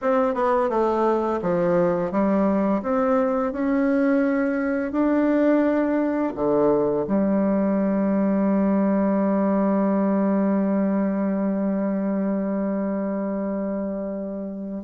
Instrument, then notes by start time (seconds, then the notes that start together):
bassoon
0.01 C4
0.34 B3
0.69 A3
1.42 F3
2.11 G3
2.82 C4
3.52 C#4
4.92 D4
6.35 D3
7.07 G3